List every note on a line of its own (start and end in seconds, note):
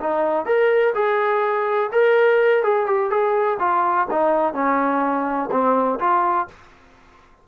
0.00 0.45 D#4
0.45 0.93 A#4
0.94 1.90 G#4
1.92 2.63 A#4
2.63 2.86 G#4
2.86 3.10 G4
3.10 3.58 G#4
3.59 4.07 F4
4.11 4.53 D#4
4.53 5.49 C#4
5.51 5.99 C4
5.99 6.47 F4